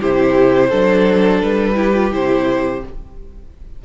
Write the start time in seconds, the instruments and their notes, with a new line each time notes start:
0.00 cello C3, viola E4, violin G4 C5
0.69 cello F#3, viola D4, violin A4
1.41 cello G3, violin B4
1.74 viola E4, violin G4
1.94 viola F4
2.11 cello C3, viola E4, violin C5